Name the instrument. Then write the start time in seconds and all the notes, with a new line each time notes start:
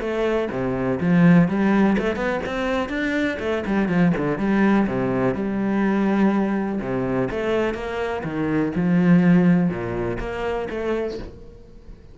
cello
0.00 A3
0.51 C3
1.00 F3
1.48 G3
1.98 A3
2.16 B3
2.46 C4
2.89 D4
3.39 A3
3.66 G3
3.88 F3
4.17 D3
4.38 G3
4.87 C3
5.34 G3
6.80 C3
7.30 A3
7.74 A#3
8.23 D#3
8.75 F3
9.69 A#2
10.20 A#3
10.69 A3